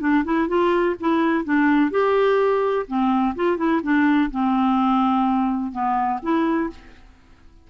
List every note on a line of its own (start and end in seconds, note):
0.00 0.24 D4
0.24 0.48 E4
0.48 0.95 F4
1.00 1.44 E4
1.44 1.91 D4
1.91 2.86 G4
2.87 3.35 C4
3.35 3.57 F4
3.57 3.81 E4
3.83 4.31 D4
4.31 5.72 C4
5.72 6.20 B3
6.22 6.70 E4